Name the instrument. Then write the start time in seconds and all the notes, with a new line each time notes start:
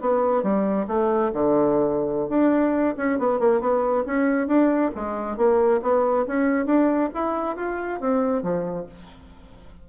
bassoon
0.00 B3
0.42 G3
0.87 A3
1.33 D3
2.29 D4
2.96 C#4
3.18 B3
3.39 A#3
3.60 B3
4.06 C#4
4.47 D4
4.94 G#3
5.36 A#3
5.82 B3
6.26 C#4
6.65 D4
7.14 E4
7.56 F4
8.00 C4
8.42 F3